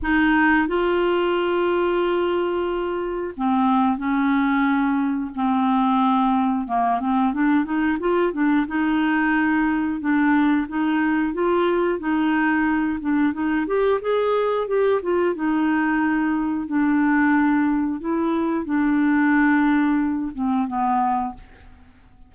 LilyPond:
\new Staff \with { instrumentName = "clarinet" } { \time 4/4 \tempo 4 = 90 dis'4 f'2.~ | f'4 c'4 cis'2 | c'2 ais8 c'8 d'8 dis'8 | f'8 d'8 dis'2 d'4 |
dis'4 f'4 dis'4. d'8 | dis'8 g'8 gis'4 g'8 f'8 dis'4~ | dis'4 d'2 e'4 | d'2~ d'8 c'8 b4 | }